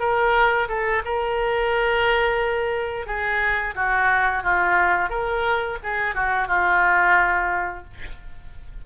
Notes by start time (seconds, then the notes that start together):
0.00 A#4
0.68 A4
1.05 A#4
3.07 G#4
3.75 F#4
4.43 F4
5.10 A#4
5.83 G#4
6.15 F#4
6.48 F4